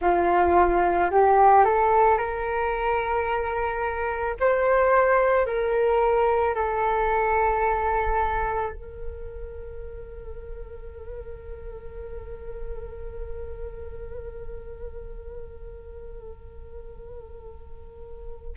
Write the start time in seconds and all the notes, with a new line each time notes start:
0.01 F4
1.10 G4
1.65 A4
2.18 A#4
4.39 C5
5.45 A#4
6.55 A4
8.72 A#4